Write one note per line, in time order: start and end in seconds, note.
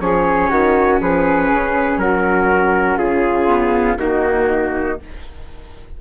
0.00 0.50 F3
0.00 3.48 C#4
0.00 0.50 G#4
0.00 1.00 C#5
0.50 1.00 D#3
0.50 1.00 F#4
1.01 1.51 F3
1.01 2.01 G#4
1.01 1.99 B4
1.51 1.97 C#3
1.97 2.98 F#3
1.97 2.98 F#4
1.97 2.99 A#4
2.98 3.98 C#3
2.98 3.98 F4
2.98 3.99 G#4
3.48 3.98 B3
3.98 4.98 D#3
3.98 5.00 A#3
3.98 5.01 D#4
3.98 5.00 F#4